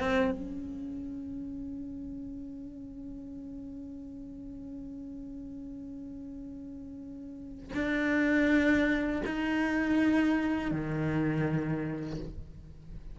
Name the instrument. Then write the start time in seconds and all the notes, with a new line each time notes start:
cello
0.00 C4
0.32 C#4
7.74 D4
9.26 D#4
10.72 D#3